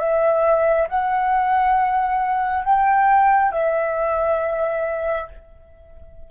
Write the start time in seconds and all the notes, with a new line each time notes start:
0.00 E5
0.89 F#5
2.65 G5
3.52 E5